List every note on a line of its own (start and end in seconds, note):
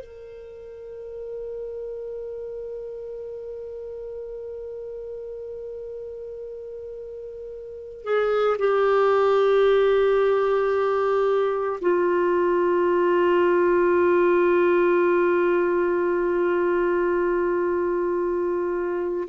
0.00 8.04 A#4
8.04 8.57 G#4
8.59 11.80 G4
11.81 19.29 F4